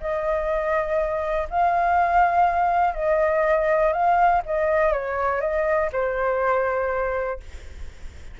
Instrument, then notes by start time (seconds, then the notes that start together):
flute
0.00 D#5
1.50 F5
2.94 D#5
3.93 F5
4.45 D#5
4.92 C#5
5.41 D#5
5.92 C5